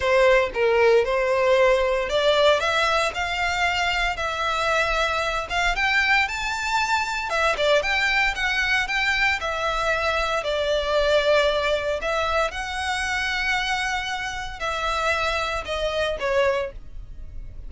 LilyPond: \new Staff \with { instrumentName = "violin" } { \time 4/4 \tempo 4 = 115 c''4 ais'4 c''2 | d''4 e''4 f''2 | e''2~ e''8 f''8 g''4 | a''2 e''8 d''8 g''4 |
fis''4 g''4 e''2 | d''2. e''4 | fis''1 | e''2 dis''4 cis''4 | }